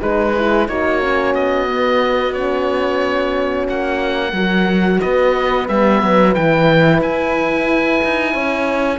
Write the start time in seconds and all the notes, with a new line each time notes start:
0.00 G#3 D#4 G#4 B4
0.36 E4
0.67 A#3 D#4 F#4 C#5
1.00 C#4
1.34 B3 D#5
1.67 B3
2.33 C#4 C#5
3.68 A#3 F#5
4.32 F#3 F#4 A#4
5.00 B3 B4 D#5
5.68 G3 B3 E5
6.02 F#3
6.32 E3 E4 G5
7.00 E4 G#5
8.03 D#4
8.33 C#4 C#5